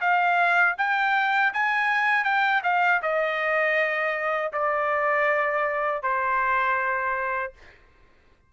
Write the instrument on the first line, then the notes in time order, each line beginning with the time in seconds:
trumpet
0.00 F5
0.78 G5
1.53 G#5
2.24 G5
2.63 F5
3.02 D#5
4.52 D5
6.02 C5